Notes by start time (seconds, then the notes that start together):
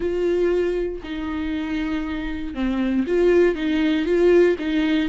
0.00 F4
1.03 D#4
2.54 C4
3.06 F4
3.55 D#4
4.05 F4
4.59 D#4